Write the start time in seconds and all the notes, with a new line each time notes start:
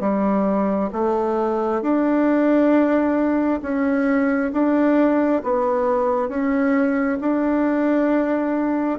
0.00 G3
0.92 A3
1.82 D4
3.62 C#4
4.52 D4
5.43 B3
6.28 C#4
7.20 D4